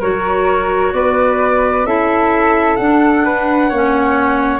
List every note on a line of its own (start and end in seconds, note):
0.00 0.93 F#3
0.00 1.87 F#4
0.00 0.92 A#4
0.00 0.93 C#5
0.93 1.84 B3
0.93 1.87 B4
0.93 1.86 D5
1.84 2.77 C#4
1.84 2.79 E4
1.84 3.25 A4
1.84 2.76 E5
2.76 3.71 D4
2.76 4.60 F#5
3.25 3.70 B4
3.70 4.60 A#3
3.70 4.60 C#4
3.70 4.60 C#5